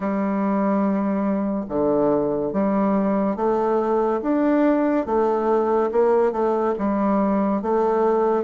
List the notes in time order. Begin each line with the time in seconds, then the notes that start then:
0.00 G3
1.69 D3
2.52 G3
3.36 A3
4.21 D4
5.06 A3
5.92 A#3
6.31 A3
6.78 G3
7.62 A3